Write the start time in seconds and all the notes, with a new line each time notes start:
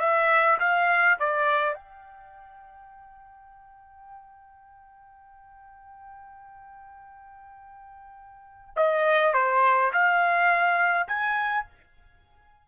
0.00 E5
0.60 F5
1.19 D5
1.75 G5
8.76 D#5
9.34 C5
9.93 F5
11.08 G#5